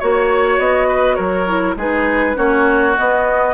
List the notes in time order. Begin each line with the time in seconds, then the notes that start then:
0.00 A#3 F#4 C#5
0.59 B3 D#5
0.88 B4
1.15 F#3 A#4 C#5
1.47 E4
1.76 G#3 D#4 G#4 B4
2.35 A#3 C#4 F#4 C#5
2.98 B3 D#5